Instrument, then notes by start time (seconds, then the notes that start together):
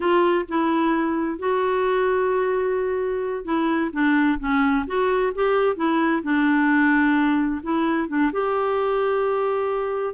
clarinet
0.00 F4
0.48 E4
1.38 F#4
3.44 E4
3.92 D4
4.39 C#4
4.86 F#4
5.34 G4
5.76 E4
6.22 D4
7.62 E4
8.08 D4
8.32 G4